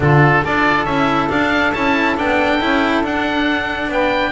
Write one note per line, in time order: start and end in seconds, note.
0.00 0.42 D3
0.00 0.43 D4
0.00 0.43 F4
0.00 0.44 A4
0.43 0.85 D4
0.43 0.88 F4
0.43 3.90 A4
0.43 0.85 D5
0.85 1.28 C#4
0.85 1.29 E4
0.85 1.28 E5
1.29 1.72 D4
1.29 1.75 D4
1.29 1.73 F5
1.73 2.18 C#4
1.73 2.17 E4
1.73 2.16 A5
2.17 2.62 B3
2.17 2.60 D4
2.17 3.05 G5
2.60 3.03 C#4
2.60 3.03 E4
3.03 3.88 D4
3.03 4.31 D4
3.03 3.92 F#5
3.88 4.31 B3
3.88 4.31 B4
3.88 4.31 G5